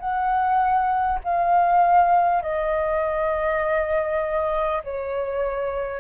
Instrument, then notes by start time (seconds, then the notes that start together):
flute
0.00 F#5
1.24 F5
2.43 D#5
4.84 C#5